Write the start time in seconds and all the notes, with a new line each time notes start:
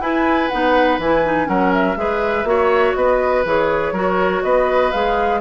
0.00 E4 B4 G#5
0.49 B3 D#4 F#5
0.98 E3 E4 G#5
1.25 D#4
1.45 F#3 C#4 A#4 F#5
1.73 E5
1.96 G#3 G#4 B4
2.44 A#3 F#4 C#5
2.94 B3 B4 D#5
3.44 E3 G#4 C#5
3.92 F#3 F#4 A#4
4.42 B3 B4 D#5
4.91 G#3 G#4 F5